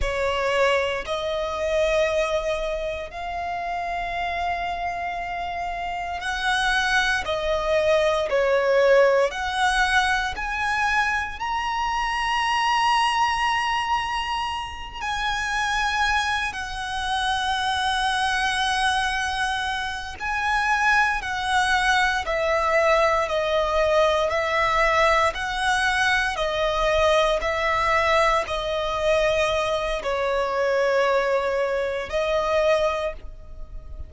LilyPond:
\new Staff \with { instrumentName = "violin" } { \time 4/4 \tempo 4 = 58 cis''4 dis''2 f''4~ | f''2 fis''4 dis''4 | cis''4 fis''4 gis''4 ais''4~ | ais''2~ ais''8 gis''4. |
fis''2.~ fis''8 gis''8~ | gis''8 fis''4 e''4 dis''4 e''8~ | e''8 fis''4 dis''4 e''4 dis''8~ | dis''4 cis''2 dis''4 | }